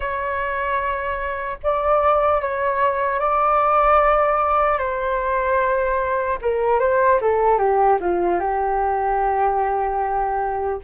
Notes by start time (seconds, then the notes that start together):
0.00 C#5
1.63 D5
2.41 C#5
3.19 D5
4.78 C5
6.41 A#4
6.79 C5
7.21 A4
7.58 G4
8.00 F4
8.39 G4